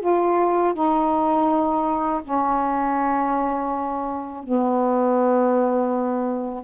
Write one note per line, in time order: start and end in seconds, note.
0.00 0.74 F4
0.74 2.22 D#4
2.23 4.44 C#4
4.44 6.64 B3